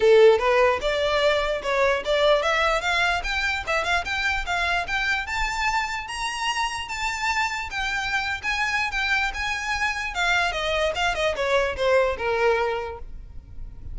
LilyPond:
\new Staff \with { instrumentName = "violin" } { \time 4/4 \tempo 4 = 148 a'4 b'4 d''2 | cis''4 d''4 e''4 f''4 | g''4 e''8 f''8 g''4 f''4 | g''4 a''2 ais''4~ |
ais''4 a''2 g''4~ | g''8. gis''4~ gis''16 g''4 gis''4~ | gis''4 f''4 dis''4 f''8 dis''8 | cis''4 c''4 ais'2 | }